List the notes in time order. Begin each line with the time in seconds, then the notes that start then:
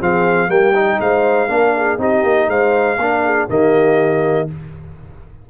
0.00 F3 C4 G#4 F5
0.48 G3 A#3 G4 G5
0.74 D#4
1.00 G#3 C5 F5
1.49 A#3 D4 A#4
1.77 G#4
1.98 C4 D#4 G4 D#5
2.23 A#3
2.48 G#3 C5 F5
2.97 A#3 D4 A#4
3.25 G#4
3.49 D#3 A#3 G4 D#5